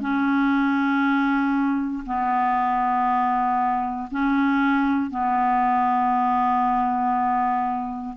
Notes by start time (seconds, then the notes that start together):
0.00 C#4
2.06 B3
4.10 C#4
5.10 B3